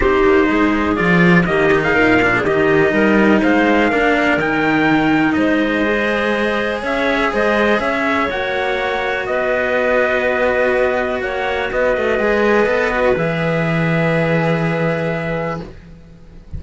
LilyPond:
<<
  \new Staff \with { instrumentName = "trumpet" } { \time 4/4 \tempo 4 = 123 c''2 d''4 dis''8. f''16~ | f''4 dis''2 f''4~ | f''4 g''2 dis''4~ | dis''2 e''4 dis''4 |
e''4 fis''2 dis''4~ | dis''2. fis''4 | dis''2. e''4~ | e''1 | }
  \new Staff \with { instrumentName = "clarinet" } { \time 4/4 g'4 gis'2 g'8. gis'16 | ais'8. gis'16 g'4 ais'4 c''4 | ais'2. c''4~ | c''2 cis''4 c''4 |
cis''2. b'4~ | b'2. cis''4 | b'1~ | b'1 | }
  \new Staff \with { instrumentName = "cello" } { \time 4/4 dis'2 f'4 ais8 dis'8~ | dis'8 d'8 dis'2. | d'4 dis'2. | gis'1~ |
gis'4 fis'2.~ | fis'1~ | fis'4 gis'4 a'8 fis'8 gis'4~ | gis'1 | }
  \new Staff \with { instrumentName = "cello" } { \time 4/4 c'8 ais8 gis4 f4 dis4 | ais,4 dis4 g4 gis4 | ais4 dis2 gis4~ | gis2 cis'4 gis4 |
cis'4 ais2 b4~ | b2. ais4 | b8 a8 gis4 b4 e4~ | e1 | }
>>